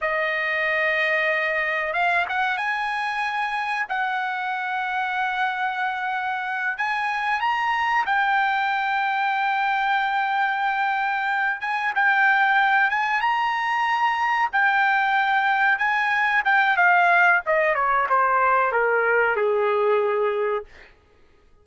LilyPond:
\new Staff \with { instrumentName = "trumpet" } { \time 4/4 \tempo 4 = 93 dis''2. f''8 fis''8 | gis''2 fis''2~ | fis''2~ fis''8 gis''4 ais''8~ | ais''8 g''2.~ g''8~ |
g''2 gis''8 g''4. | gis''8 ais''2 g''4.~ | g''8 gis''4 g''8 f''4 dis''8 cis''8 | c''4 ais'4 gis'2 | }